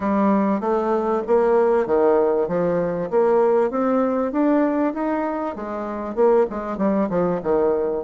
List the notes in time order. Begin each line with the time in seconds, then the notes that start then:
0.00 G3
0.60 A3
1.27 A#3
1.86 D#3
2.47 F3
3.10 A#3
3.70 C4
4.32 D4
4.93 D#4
5.55 G#3
6.15 A#3
6.50 G#3
6.77 G3
7.09 F3
7.42 D#3